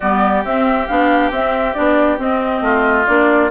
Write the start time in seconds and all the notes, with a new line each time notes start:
0.00 G3 B3 G4 D5
0.44 C4 E5
0.87 B3 D4 F5
1.30 C4 E5
1.74 B3 D4 D5
2.18 C4 D#5
2.61 A3 F4
3.06 A#3 D4 D5